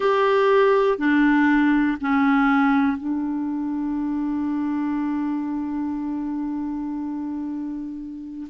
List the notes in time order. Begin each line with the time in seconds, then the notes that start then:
0.00 G4
0.98 D4
2.00 C#4
2.97 D4